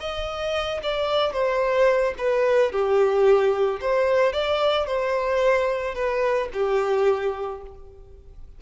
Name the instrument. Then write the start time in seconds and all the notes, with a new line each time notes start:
violin
0.00 D#5
0.83 D5
1.33 C5
2.18 B4
2.72 G4
3.81 C5
4.33 D5
4.86 C5
5.95 B4
6.54 G4